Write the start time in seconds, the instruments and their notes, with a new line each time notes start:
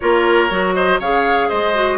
0.00 bassoon A#3, clarinet F4, oboe A#4, flute C#5
0.49 bassoon F#3, clarinet F#4
0.74 oboe C5, flute D#5
0.99 bassoon C#3, clarinet G#4, oboe C#5, flute F5
1.48 bassoon G#3, oboe C5, flute D#5
1.74 clarinet F#4